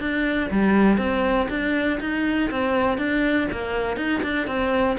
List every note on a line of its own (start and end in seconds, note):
0.00 0.50 D4
0.51 0.98 G3
0.98 1.48 C4
1.50 2.00 D4
2.01 2.51 D#4
2.51 2.98 C4
2.98 3.48 D4
3.52 3.97 A#3
3.97 4.22 D#4
4.24 4.47 D4
4.47 4.97 C4